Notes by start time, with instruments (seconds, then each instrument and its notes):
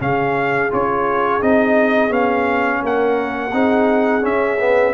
0.00 tuba C#3, trombone C#4, horn G#4, trumpet F5
0.71 tuba C#4, trombone F4, trumpet C#5
1.42 tuba C4, trombone D#4, trumpet D#5
2.09 tuba B3, trombone C#4, trumpet F5
2.83 tuba A#3, horn A#4, trumpet F#5
3.53 tuba C4, trombone D#4, horn G#4
4.22 trombone C#4, tuba C#4, trumpet E5
4.60 trombone B3